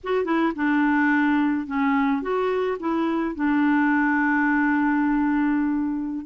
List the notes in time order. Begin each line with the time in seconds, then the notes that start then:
0.03 F#4
0.24 E4
0.55 D4
1.66 C#4
2.22 F#4
2.79 E4
3.35 D4